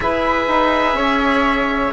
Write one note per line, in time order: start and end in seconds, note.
0.00 0.47 E4
0.00 1.92 G#4
0.00 0.96 B4
0.00 1.93 E5
0.47 0.93 D#4
0.93 1.90 C#4
0.93 1.92 C#5